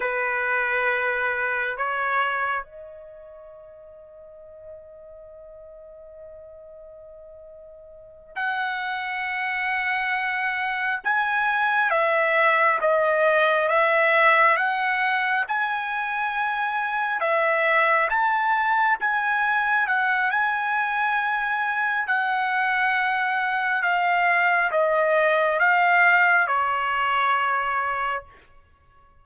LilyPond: \new Staff \with { instrumentName = "trumpet" } { \time 4/4 \tempo 4 = 68 b'2 cis''4 dis''4~ | dis''1~ | dis''4. fis''2~ fis''8~ | fis''8 gis''4 e''4 dis''4 e''8~ |
e''8 fis''4 gis''2 e''8~ | e''8 a''4 gis''4 fis''8 gis''4~ | gis''4 fis''2 f''4 | dis''4 f''4 cis''2 | }